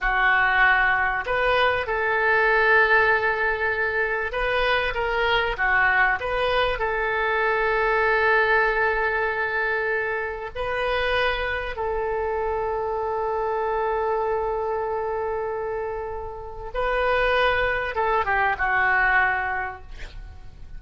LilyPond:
\new Staff \with { instrumentName = "oboe" } { \time 4/4 \tempo 4 = 97 fis'2 b'4 a'4~ | a'2. b'4 | ais'4 fis'4 b'4 a'4~ | a'1~ |
a'4 b'2 a'4~ | a'1~ | a'2. b'4~ | b'4 a'8 g'8 fis'2 | }